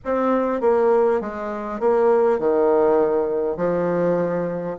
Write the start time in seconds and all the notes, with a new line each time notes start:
0.04 C4
0.60 A#3
1.20 G#3
1.79 A#3
2.39 D#3
3.56 F3